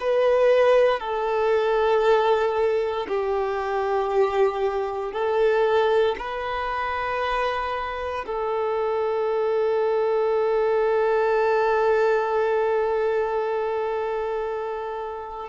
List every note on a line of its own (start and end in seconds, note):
0.00 0.99 B4
0.99 3.06 A4
3.08 5.12 G4
5.12 6.16 A4
6.18 8.25 B4
8.26 15.49 A4